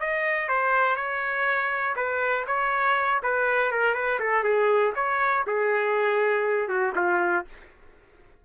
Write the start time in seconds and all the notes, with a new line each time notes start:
0.00 D#5
0.48 C5
0.96 C#5
1.96 B4
2.47 C#5
3.23 B4
3.72 A#4
3.94 B4
4.19 A4
4.44 G#4
4.95 C#5
5.47 G#4
6.69 F#4
6.96 F4